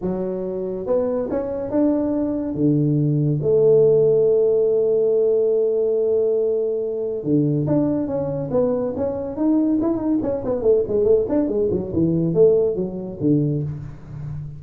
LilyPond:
\new Staff \with { instrumentName = "tuba" } { \time 4/4 \tempo 4 = 141 fis2 b4 cis'4 | d'2 d2 | a1~ | a1~ |
a4 d4 d'4 cis'4 | b4 cis'4 dis'4 e'8 dis'8 | cis'8 b8 a8 gis8 a8 d'8 gis8 fis8 | e4 a4 fis4 d4 | }